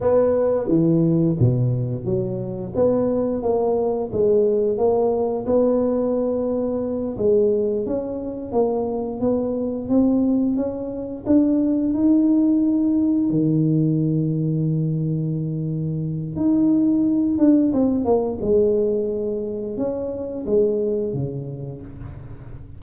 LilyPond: \new Staff \with { instrumentName = "tuba" } { \time 4/4 \tempo 4 = 88 b4 e4 b,4 fis4 | b4 ais4 gis4 ais4 | b2~ b8 gis4 cis'8~ | cis'8 ais4 b4 c'4 cis'8~ |
cis'8 d'4 dis'2 dis8~ | dis1 | dis'4. d'8 c'8 ais8 gis4~ | gis4 cis'4 gis4 cis4 | }